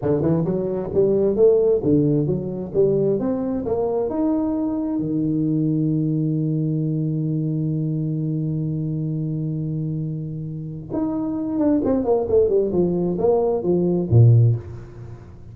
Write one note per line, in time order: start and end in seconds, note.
0.02 0.21 D3
0.21 0.44 E3
0.44 0.90 F#3
0.94 1.36 G3
1.36 1.81 A3
1.83 2.26 D3
2.26 2.72 F#3
2.74 3.19 G3
3.19 3.64 C4
3.65 4.09 A#3
4.09 4.99 D#4
4.99 10.90 D#3
10.92 11.58 D#4
11.58 11.81 D4
11.84 12.04 C4
12.04 12.27 A#3
12.29 12.49 A3
12.49 12.71 G3
12.71 13.17 F3
13.18 13.63 A#3
13.63 14.08 F3
14.10 14.55 A#2